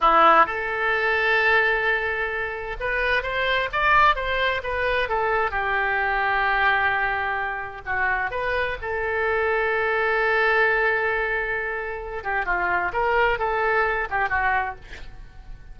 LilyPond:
\new Staff \with { instrumentName = "oboe" } { \time 4/4 \tempo 4 = 130 e'4 a'2.~ | a'2 b'4 c''4 | d''4 c''4 b'4 a'4 | g'1~ |
g'4 fis'4 b'4 a'4~ | a'1~ | a'2~ a'8 g'8 f'4 | ais'4 a'4. g'8 fis'4 | }